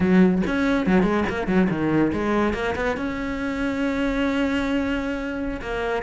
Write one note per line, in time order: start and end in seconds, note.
0.00 0.41 F#3
0.46 0.86 C#4
0.86 1.02 F#3
1.02 1.23 G#3
1.29 1.47 A#3
1.47 1.68 F#3
1.69 2.11 D#3
2.13 2.53 G#3
2.53 2.74 A#3
2.75 2.96 B3
2.96 5.60 C#4
5.61 6.02 A#3